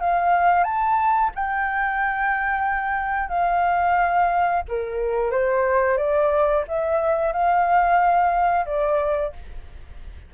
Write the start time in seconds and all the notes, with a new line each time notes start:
0.00 F5
0.64 A5
1.35 G5
3.29 F5
4.68 A#4
5.31 C5
5.97 D5
6.68 E5
7.32 F5
8.65 D5